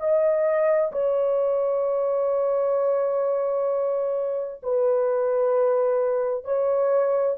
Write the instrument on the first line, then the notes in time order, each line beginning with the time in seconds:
horn
0.00 D#5
0.92 C#5
4.63 B4
6.45 C#5